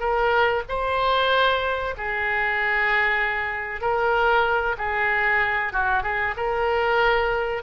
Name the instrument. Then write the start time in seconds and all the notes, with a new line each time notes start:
oboe
0.00 A#4
0.69 C5
1.98 G#4
3.82 A#4
4.78 G#4
5.73 F#4
6.03 G#4
6.37 A#4